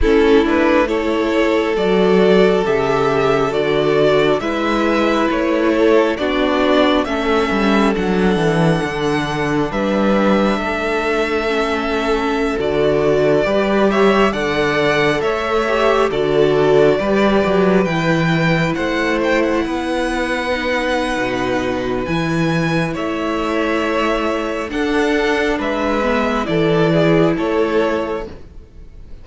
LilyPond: <<
  \new Staff \with { instrumentName = "violin" } { \time 4/4 \tempo 4 = 68 a'8 b'8 cis''4 d''4 e''4 | d''4 e''4 cis''4 d''4 | e''4 fis''2 e''4~ | e''2~ e''16 d''4. e''16~ |
e''16 fis''4 e''4 d''4.~ d''16~ | d''16 g''4 fis''8 g''16 fis''2~ | fis''4 gis''4 e''2 | fis''4 e''4 d''4 cis''4 | }
  \new Staff \with { instrumentName = "violin" } { \time 4/4 e'4 a'2.~ | a'4 b'4. a'8 fis'4 | a'2. b'4 | a'2.~ a'16 b'8 cis''16~ |
cis''16 d''4 cis''4 a'4 b'8.~ | b'4~ b'16 c''4 b'4.~ b'16~ | b'2 cis''2 | a'4 b'4 a'8 gis'8 a'4 | }
  \new Staff \with { instrumentName = "viola" } { \time 4/4 cis'8 d'8 e'4 fis'4 g'4 | fis'4 e'2 d'4 | cis'4 d'2.~ | d'4 cis'4~ cis'16 fis'4 g'8.~ |
g'16 a'4. g'8 fis'4 g'8.~ | g'16 e'2. dis'8.~ | dis'4 e'2. | d'4. b8 e'2 | }
  \new Staff \with { instrumentName = "cello" } { \time 4/4 a2 fis4 cis4 | d4 gis4 a4 b4 | a8 g8 fis8 e8 d4 g4 | a2~ a16 d4 g8.~ |
g16 d4 a4 d4 g8 fis16~ | fis16 e4 a4 b4.~ b16 | b,4 e4 a2 | d'4 gis4 e4 a4 | }
>>